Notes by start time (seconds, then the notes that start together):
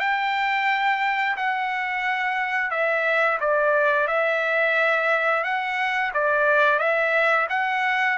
0.00 G5
1.37 F#5
2.71 E5
3.41 D5
4.08 E5
5.44 F#5
6.14 D5
6.79 E5
7.50 F#5